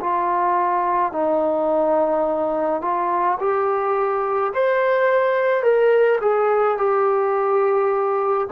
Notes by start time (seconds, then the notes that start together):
0.00 F4
1.12 D#4
2.81 F4
3.40 G4
4.53 C5
5.62 A#4
6.21 G#4
6.77 G4